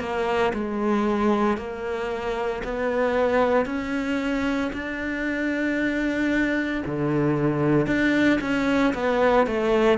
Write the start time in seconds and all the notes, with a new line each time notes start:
0.00 A#3
0.54 G#3
1.57 A#3
2.64 B3
3.66 C#4
4.73 D4
6.86 D3
7.87 D4
8.41 C#4
8.94 B3
9.47 A3